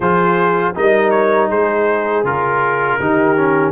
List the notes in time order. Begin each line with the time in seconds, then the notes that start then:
0.00 F3 F4 G#4 C5
0.75 G3 D#4 A#4 D#5
1.10 C#5
1.49 G#3 G#4 C5
2.23 C#3 F4 A#4
2.99 D#3 D#4 G4
3.36 C#4